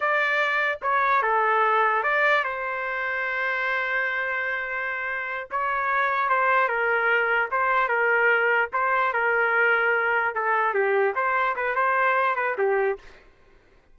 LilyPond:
\new Staff \with { instrumentName = "trumpet" } { \time 4/4 \tempo 4 = 148 d''2 cis''4 a'4~ | a'4 d''4 c''2~ | c''1~ | c''4. cis''2 c''8~ |
c''8 ais'2 c''4 ais'8~ | ais'4. c''4 ais'4.~ | ais'4. a'4 g'4 c''8~ | c''8 b'8 c''4. b'8 g'4 | }